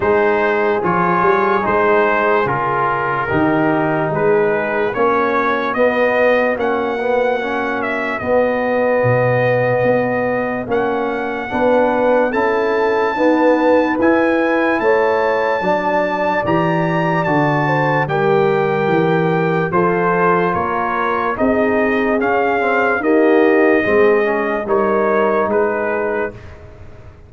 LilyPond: <<
  \new Staff \with { instrumentName = "trumpet" } { \time 4/4 \tempo 4 = 73 c''4 cis''4 c''4 ais'4~ | ais'4 b'4 cis''4 dis''4 | fis''4. e''8 dis''2~ | dis''4 fis''2 a''4~ |
a''4 gis''4 a''2 | ais''4 a''4 g''2 | c''4 cis''4 dis''4 f''4 | dis''2 cis''4 b'4 | }
  \new Staff \with { instrumentName = "horn" } { \time 4/4 gis'1 | g'4 gis'4 fis'2~ | fis'1~ | fis'2 b'4 a'4 |
b'2 cis''4 d''4~ | d''4. c''8 ais'2 | a'4 ais'4 gis'2 | g'4 gis'4 ais'4 gis'4 | }
  \new Staff \with { instrumentName = "trombone" } { \time 4/4 dis'4 f'4 dis'4 f'4 | dis'2 cis'4 b4 | cis'8 b8 cis'4 b2~ | b4 cis'4 d'4 e'4 |
b4 e'2 d'4 | g'4 fis'4 g'2 | f'2 dis'4 cis'8 c'8 | ais4 c'8 cis'8 dis'2 | }
  \new Staff \with { instrumentName = "tuba" } { \time 4/4 gis4 f8 g8 gis4 cis4 | dis4 gis4 ais4 b4 | ais2 b4 b,4 | b4 ais4 b4 cis'4 |
dis'4 e'4 a4 fis4 | e4 d4 g4 e4 | f4 ais4 c'4 cis'4 | dis'4 gis4 g4 gis4 | }
>>